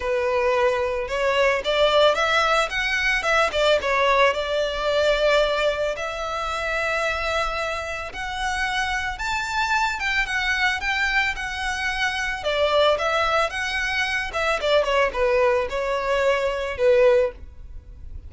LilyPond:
\new Staff \with { instrumentName = "violin" } { \time 4/4 \tempo 4 = 111 b'2 cis''4 d''4 | e''4 fis''4 e''8 d''8 cis''4 | d''2. e''4~ | e''2. fis''4~ |
fis''4 a''4. g''8 fis''4 | g''4 fis''2 d''4 | e''4 fis''4. e''8 d''8 cis''8 | b'4 cis''2 b'4 | }